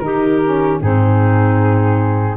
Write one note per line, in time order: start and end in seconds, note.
0.00 0.79 D#3
0.00 0.41 D#4
0.00 0.82 G4
0.00 0.78 A#4
0.43 0.82 C#4
0.82 2.38 G#2
0.82 2.38 C4
0.82 2.37 D#4
0.82 2.38 G#4